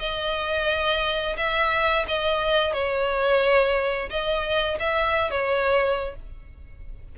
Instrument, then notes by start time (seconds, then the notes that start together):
violin
0.00 D#5
1.37 E5
2.08 D#5
2.73 C#5
4.10 D#5
4.80 E5
5.31 C#5